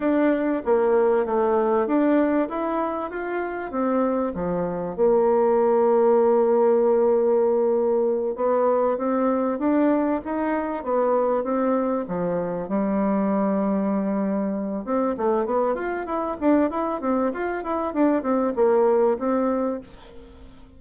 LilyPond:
\new Staff \with { instrumentName = "bassoon" } { \time 4/4 \tempo 4 = 97 d'4 ais4 a4 d'4 | e'4 f'4 c'4 f4 | ais1~ | ais4. b4 c'4 d'8~ |
d'8 dis'4 b4 c'4 f8~ | f8 g2.~ g8 | c'8 a8 b8 f'8 e'8 d'8 e'8 c'8 | f'8 e'8 d'8 c'8 ais4 c'4 | }